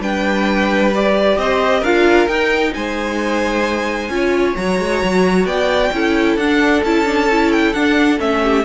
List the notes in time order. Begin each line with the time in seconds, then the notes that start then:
0.00 G3 D4 B4 G5
0.95 G4 D5
1.37 C4 C5 D#5
1.80 D4 F4 A#4 F5
2.28 D#4 G5
2.74 G#3 C5 G#5
4.09 C#4 F4
4.15 C#5
4.56 F#3 F#4 A#5
4.80 G#3
5.04 F#3
5.45 B3 D5 G5
5.93 C#4 E4 A4
6.36 D4 F#5
6.83 C#4 E4 A5
7.05 D4
7.32 E4
7.52 G5
7.73 D4 F#5
8.18 A3 C#4 E5
8.43 G4